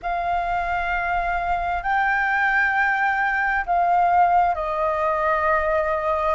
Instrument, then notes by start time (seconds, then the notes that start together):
flute
0.02 F5
1.82 G5
3.66 F5
4.55 D#5